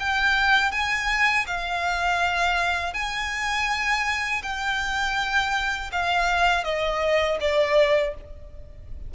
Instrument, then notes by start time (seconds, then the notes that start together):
violin
0.00 G5
0.72 G#5
1.47 F5
2.94 G#5
4.43 G5
5.92 F5
6.64 D#5
7.41 D5